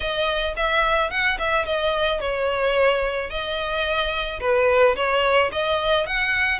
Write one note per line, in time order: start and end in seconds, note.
0.00 0.54 D#5
0.56 1.10 E5
1.10 1.38 F#5
1.38 1.65 E5
1.65 2.20 D#5
2.20 3.30 C#5
3.30 4.40 D#5
4.40 4.95 B4
4.95 5.50 C#5
5.52 6.06 D#5
6.06 6.59 F#5